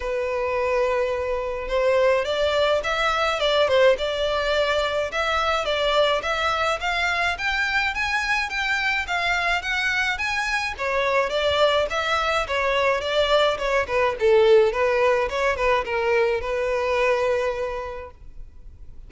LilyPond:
\new Staff \with { instrumentName = "violin" } { \time 4/4 \tempo 4 = 106 b'2. c''4 | d''4 e''4 d''8 c''8 d''4~ | d''4 e''4 d''4 e''4 | f''4 g''4 gis''4 g''4 |
f''4 fis''4 gis''4 cis''4 | d''4 e''4 cis''4 d''4 | cis''8 b'8 a'4 b'4 cis''8 b'8 | ais'4 b'2. | }